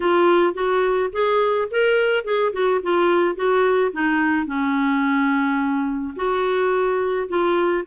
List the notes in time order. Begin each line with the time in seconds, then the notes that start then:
0.00 F4
0.54 F#4
1.12 G#4
1.71 A#4
2.24 G#4
2.52 F#4
2.83 F4
3.35 F#4
3.92 D#4
4.46 C#4
6.15 F#4
7.28 F4